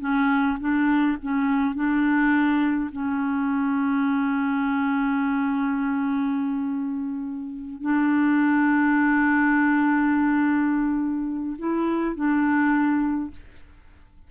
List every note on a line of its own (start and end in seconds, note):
0.00 0.58 C#4
0.60 1.17 D4
1.22 1.75 C#4
1.75 2.90 D4
2.92 7.81 C#4
7.81 11.56 D4
11.58 12.15 E4
12.15 13.31 D4